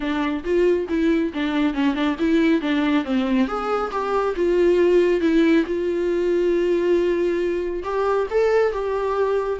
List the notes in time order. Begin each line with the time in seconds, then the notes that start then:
0.00 D4
0.44 F4
0.88 E4
1.33 D4
1.74 C#4
1.94 D4
2.19 E4
2.61 D4
3.04 C4
3.47 G#4
3.91 G4
4.36 F4
5.21 E4
5.65 F4
7.83 G4
8.30 A4
8.72 G4